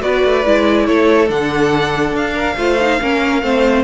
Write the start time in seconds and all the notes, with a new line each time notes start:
0.00 B3 F#4 B4 D5
0.24 A3
0.45 G#3 E4
0.86 A3 A4 C#5
1.27 D3 D4 F#5
2.13 D4 F5
2.33 A#4
2.56 A3 F4 C5
2.81 D#4
3.01 A#3 C#4 A#4
3.42 A3 C4 C5